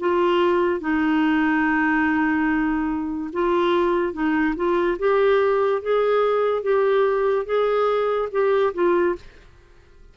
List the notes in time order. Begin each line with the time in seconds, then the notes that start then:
0.00 F4
0.81 D#4
3.33 F4
4.14 D#4
4.56 F4
4.99 G4
5.83 G#4
6.63 G4
7.46 G#4
8.32 G4
8.74 F4